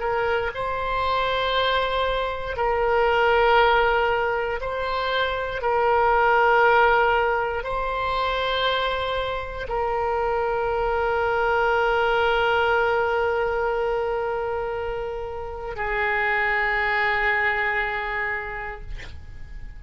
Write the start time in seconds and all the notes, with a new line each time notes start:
0.00 A#4
0.55 C5
2.57 A#4
4.61 C5
5.62 A#4
7.64 C5
9.68 A#4
15.76 G#4